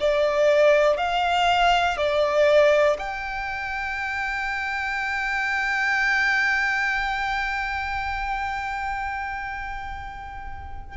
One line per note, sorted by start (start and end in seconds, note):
0.00 0.97 D5
0.97 1.97 F5
1.97 2.97 D5
2.98 10.97 G5